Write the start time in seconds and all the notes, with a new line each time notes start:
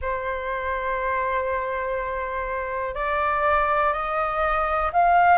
0.01 C5
2.94 D5
3.93 D#5
4.92 F5